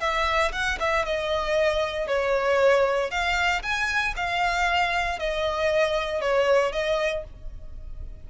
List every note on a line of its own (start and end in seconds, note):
0.00 0.52 E5
0.52 0.78 F#5
0.80 1.05 E5
1.05 2.07 D#5
2.07 3.11 C#5
3.11 3.62 F5
3.63 4.14 G#5
4.16 5.19 F5
5.19 6.21 D#5
6.21 6.72 C#5
6.72 7.24 D#5